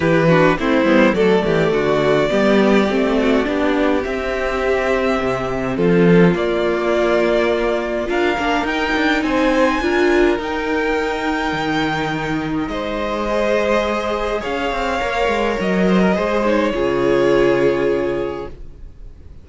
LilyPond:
<<
  \new Staff \with { instrumentName = "violin" } { \time 4/4 \tempo 4 = 104 b'4 c''4 d''2~ | d''2. e''4~ | e''2 a'4 d''4~ | d''2 f''4 g''4 |
gis''2 g''2~ | g''2 dis''2~ | dis''4 f''2 dis''4~ | dis''8 cis''2.~ cis''8 | }
  \new Staff \with { instrumentName = "violin" } { \time 4/4 g'8 fis'8 e'4 a'8 g'8 fis'4 | g'4. fis'8 g'2~ | g'2 f'2~ | f'2 ais'2 |
c''4 ais'2.~ | ais'2 c''2~ | c''4 cis''2~ cis''8 c''16 ais'16 | c''4 gis'2. | }
  \new Staff \with { instrumentName = "viola" } { \time 4/4 e'8 d'8 c'8 b8 a2 | b4 c'4 d'4 c'4~ | c'2. ais4~ | ais2 f'8 d'8 dis'4~ |
dis'4 f'4 dis'2~ | dis'2. gis'4~ | gis'2 ais'2 | gis'8 dis'8 f'2. | }
  \new Staff \with { instrumentName = "cello" } { \time 4/4 e4 a8 g8 fis8 e8 d4 | g4 a4 b4 c'4~ | c'4 c4 f4 ais4~ | ais2 d'8 ais8 dis'8 d'8 |
c'4 d'4 dis'2 | dis2 gis2~ | gis4 cis'8 c'8 ais8 gis8 fis4 | gis4 cis2. | }
>>